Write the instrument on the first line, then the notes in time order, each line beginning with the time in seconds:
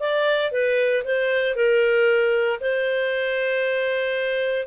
clarinet
0.00 D5
0.52 B4
1.05 C5
1.56 A#4
2.61 C5